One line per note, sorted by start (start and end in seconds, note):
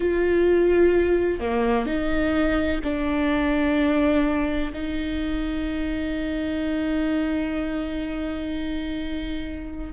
0.00 1.40 F4
1.40 1.86 A#3
1.86 2.80 D#4
2.83 4.72 D4
4.73 9.92 D#4